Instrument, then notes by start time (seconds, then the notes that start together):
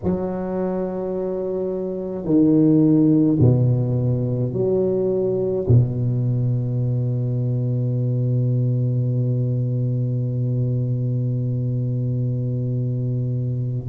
tuba
0.03 F#3
2.24 D#3
3.40 B2
4.53 F#3
5.68 B2